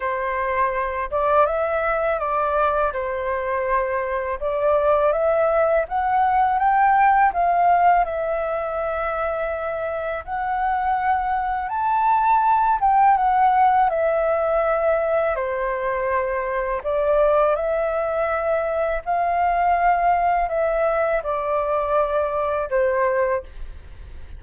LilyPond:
\new Staff \with { instrumentName = "flute" } { \time 4/4 \tempo 4 = 82 c''4. d''8 e''4 d''4 | c''2 d''4 e''4 | fis''4 g''4 f''4 e''4~ | e''2 fis''2 |
a''4. g''8 fis''4 e''4~ | e''4 c''2 d''4 | e''2 f''2 | e''4 d''2 c''4 | }